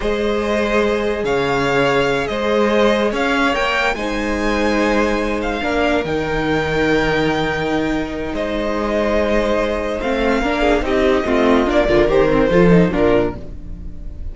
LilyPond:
<<
  \new Staff \with { instrumentName = "violin" } { \time 4/4 \tempo 4 = 144 dis''2. f''4~ | f''4. dis''2 f''8~ | f''8 g''4 gis''2~ gis''8~ | gis''4 f''4. g''4.~ |
g''1 | dis''1 | f''2 dis''2 | d''4 c''2 ais'4 | }
  \new Staff \with { instrumentName = "violin" } { \time 4/4 c''2. cis''4~ | cis''4. c''2 cis''8~ | cis''4. c''2~ c''8~ | c''4. ais'2~ ais'8~ |
ais'1 | c''1~ | c''4 ais'8 gis'8 g'4 f'4~ | f'8 ais'4. a'4 f'4 | }
  \new Staff \with { instrumentName = "viola" } { \time 4/4 gis'1~ | gis'1~ | gis'8 ais'4 dis'2~ dis'8~ | dis'4. d'4 dis'4.~ |
dis'1~ | dis'1 | c'4 d'4 dis'4 c'4 | d'8 f'8 g'8 c'8 f'8 dis'8 d'4 | }
  \new Staff \with { instrumentName = "cello" } { \time 4/4 gis2. cis4~ | cis4. gis2 cis'8~ | cis'8 ais4 gis2~ gis8~ | gis4. ais4 dis4.~ |
dis1 | gis1 | a4 ais4 c'4 a4 | ais8 d8 dis4 f4 ais,4 | }
>>